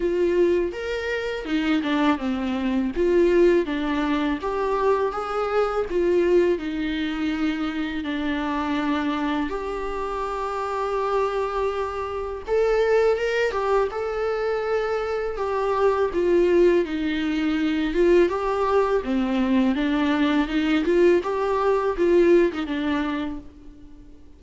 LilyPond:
\new Staff \with { instrumentName = "viola" } { \time 4/4 \tempo 4 = 82 f'4 ais'4 dis'8 d'8 c'4 | f'4 d'4 g'4 gis'4 | f'4 dis'2 d'4~ | d'4 g'2.~ |
g'4 a'4 ais'8 g'8 a'4~ | a'4 g'4 f'4 dis'4~ | dis'8 f'8 g'4 c'4 d'4 | dis'8 f'8 g'4 f'8. dis'16 d'4 | }